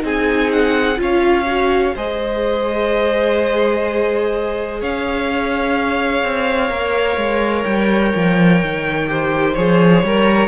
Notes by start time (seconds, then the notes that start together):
0.00 C4 D#4 G#4 G#5
0.52 F#5
0.96 C#4 F4 C#5
1.02 F5
1.47 F#4
1.95 G#3 G#4 C5 D#5
4.81 C#4 C#5 F5
6.23 C4
6.69 A#3 A#4
7.17 G#3
7.64 G3 G5
8.15 F3
8.63 D#3
9.07 G4 C5
9.54 F3 G#4 C#5
10.03 G3 A#4